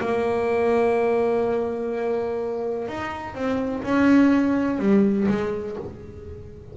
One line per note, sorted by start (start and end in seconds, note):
0.00 2.88 A#3
2.88 3.34 D#4
3.34 3.82 C4
3.83 4.79 C#4
4.79 5.27 G3
5.28 5.76 G#3